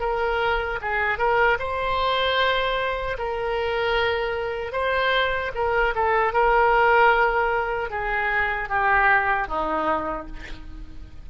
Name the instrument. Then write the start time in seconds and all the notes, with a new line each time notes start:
oboe
0.00 A#4
0.81 G#4
1.18 A#4
1.59 C5
3.18 A#4
4.72 C5
5.55 A#4
5.95 A4
6.33 A#4
7.90 G#4
8.69 G4
9.48 D#4